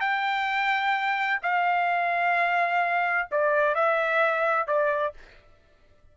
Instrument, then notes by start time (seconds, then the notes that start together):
trumpet
0.00 G5
1.42 F5
3.31 D5
3.74 E5
4.67 D5